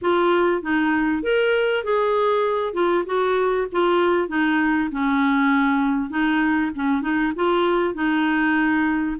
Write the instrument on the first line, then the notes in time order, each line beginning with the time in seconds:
clarinet
0.01 F4
0.62 D#4
1.22 A#4
1.84 G#4
2.73 F4
3.06 F#4
3.72 F4
4.28 D#4
4.91 C#4
6.09 D#4
6.75 C#4
7.01 D#4
7.35 F4
7.94 D#4